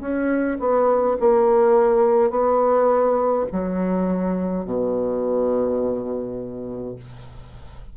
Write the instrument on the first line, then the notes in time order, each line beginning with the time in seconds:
bassoon
0.00 C#4
0.59 B3
1.20 A#3
2.30 B3
3.52 F#3
4.65 B2